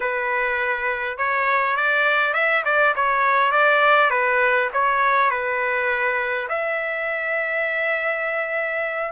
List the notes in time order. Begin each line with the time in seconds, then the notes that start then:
0.00 B4
1.17 C#5
1.76 D5
2.33 E5
2.65 D5
2.95 C#5
3.51 D5
4.10 B4
4.73 C#5
5.30 B4
6.48 E5